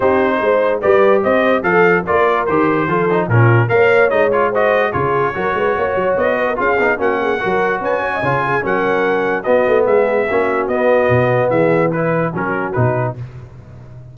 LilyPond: <<
  \new Staff \with { instrumentName = "trumpet" } { \time 4/4 \tempo 4 = 146 c''2 d''4 dis''4 | f''4 d''4 c''2 | ais'4 f''4 dis''8 cis''8 dis''4 | cis''2. dis''4 |
f''4 fis''2 gis''4~ | gis''4 fis''2 dis''4 | e''2 dis''2 | e''4 b'4 ais'4 b'4 | }
  \new Staff \with { instrumentName = "horn" } { \time 4/4 g'4 c''4 b'4 c''4 | a'4 ais'2 a'4 | f'4 cis''2 c''4 | gis'4 ais'8 b'8 cis''4. b'16 ais'16 |
gis'4 fis'8 gis'8 ais'4 b'8 cis''16 dis''16 | cis''8 gis'8 ais'2 fis'4 | gis'4 fis'2. | gis'4 b'4 fis'2 | }
  \new Staff \with { instrumentName = "trombone" } { \time 4/4 dis'2 g'2 | a'4 f'4 g'4 f'8 dis'8 | cis'4 ais'4 dis'8 f'8 fis'4 | f'4 fis'2. |
f'8 dis'8 cis'4 fis'2 | f'4 cis'2 b4~ | b4 cis'4 b2~ | b4 e'4 cis'4 dis'4 | }
  \new Staff \with { instrumentName = "tuba" } { \time 4/4 c'4 gis4 g4 c'4 | f4 ais4 dis4 f4 | ais,4 ais4 gis2 | cis4 fis8 gis8 ais8 fis8 b4 |
cis'8 b8 ais4 fis4 cis'4 | cis4 fis2 b8 a8 | gis4 ais4 b4 b,4 | e2 fis4 b,4 | }
>>